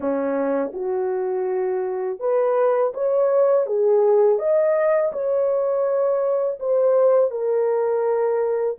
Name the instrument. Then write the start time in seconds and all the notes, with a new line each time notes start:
horn
0.00 C#4
0.73 F#4
2.20 B4
2.94 C#5
3.66 G#4
4.38 D#5
5.12 C#5
6.59 C5
7.30 A#4